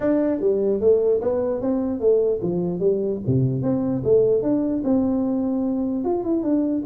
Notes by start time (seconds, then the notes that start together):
0.00 D4
0.40 G3
0.80 A3
1.21 B3
1.61 C4
1.99 A3
2.42 F3
2.79 G3
3.26 C3
3.62 C4
4.03 A3
4.42 D4
4.84 C4
6.04 F4
6.23 E4
6.43 D4